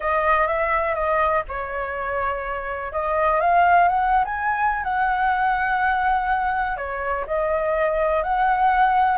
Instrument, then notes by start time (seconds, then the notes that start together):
flute
0.00 D#5
0.47 E5
0.94 D#5
1.48 C#5
2.92 D#5
3.40 F5
3.88 F#5
4.24 G#5
4.83 F#5
6.76 C#5
7.26 D#5
8.23 F#5